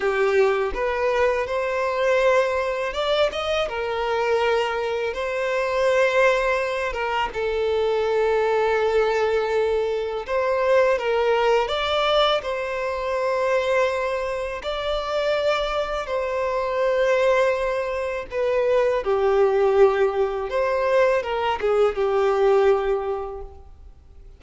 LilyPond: \new Staff \with { instrumentName = "violin" } { \time 4/4 \tempo 4 = 82 g'4 b'4 c''2 | d''8 dis''8 ais'2 c''4~ | c''4. ais'8 a'2~ | a'2 c''4 ais'4 |
d''4 c''2. | d''2 c''2~ | c''4 b'4 g'2 | c''4 ais'8 gis'8 g'2 | }